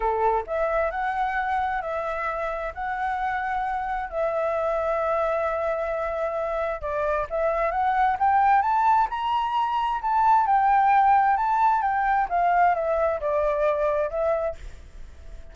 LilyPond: \new Staff \with { instrumentName = "flute" } { \time 4/4 \tempo 4 = 132 a'4 e''4 fis''2 | e''2 fis''2~ | fis''4 e''2.~ | e''2. d''4 |
e''4 fis''4 g''4 a''4 | ais''2 a''4 g''4~ | g''4 a''4 g''4 f''4 | e''4 d''2 e''4 | }